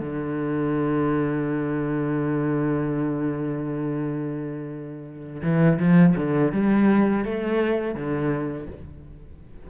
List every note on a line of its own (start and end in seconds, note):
0.00 5.42 D3
5.42 5.79 E3
5.79 6.15 F3
6.16 6.52 D3
6.52 7.25 G3
7.25 7.95 A3
7.95 8.67 D3